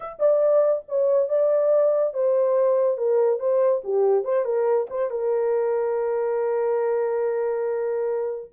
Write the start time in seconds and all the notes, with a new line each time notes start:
0.00 E5
0.19 D5
0.88 C#5
1.28 D5
2.13 C5
2.97 A#4
3.39 C5
3.83 G4
4.24 C5
4.44 A#4
4.90 C5
5.10 A#4